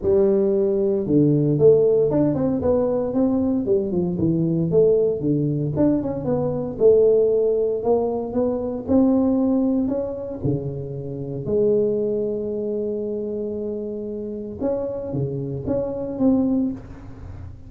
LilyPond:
\new Staff \with { instrumentName = "tuba" } { \time 4/4 \tempo 4 = 115 g2 d4 a4 | d'8 c'8 b4 c'4 g8 f8 | e4 a4 d4 d'8 cis'8 | b4 a2 ais4 |
b4 c'2 cis'4 | cis2 gis2~ | gis1 | cis'4 cis4 cis'4 c'4 | }